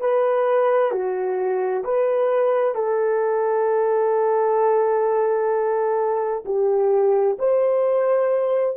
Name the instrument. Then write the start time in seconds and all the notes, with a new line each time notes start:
horn
0.00 B4
0.91 F#4
1.84 B4
2.74 A4
6.45 G4
7.39 C5